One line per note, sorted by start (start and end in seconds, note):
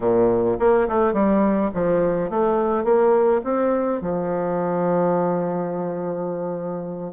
0.00 0.57 A#2
0.59 0.87 A#3
0.88 1.13 A3
1.13 1.70 G3
1.74 2.29 F3
2.29 2.84 A3
2.84 3.41 A#3
3.44 4.01 C4
4.01 7.13 F3